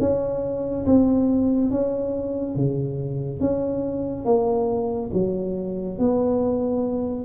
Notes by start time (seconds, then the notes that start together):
0.00 C#4
0.86 C4
1.71 C#4
2.56 C#3
3.41 C#4
4.25 A#3
5.14 F#3
5.99 B3